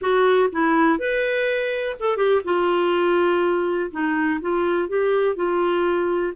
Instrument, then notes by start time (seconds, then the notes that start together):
clarinet
0.01 F#4
0.51 E4
0.98 B4
1.99 A4
2.16 G4
2.44 F4
3.91 D#4
4.41 F4
4.88 G4
5.35 F4